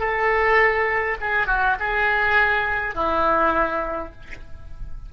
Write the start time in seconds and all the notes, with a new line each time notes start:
0.00 A4
1.21 G#4
1.47 F#4
1.80 G#4
2.95 E4